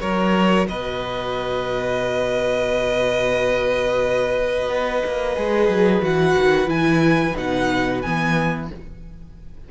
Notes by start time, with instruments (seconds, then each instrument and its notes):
0.00 cello F#3, viola F#4, violin A#4 C#5
0.68 cello B2, violin B4 D#5
4.69 cello B3
5.05 cello A#3
5.36 cello G#3, viola G#4
5.68 cello F#3
6.02 cello E3, viola F#4, violin F#5
6.37 cello D#3
6.66 cello E3, viola E4, violin G#5
7.36 cello B2, viola D#4, violin F#5
8.02 cello E3, viola B3, violin G#5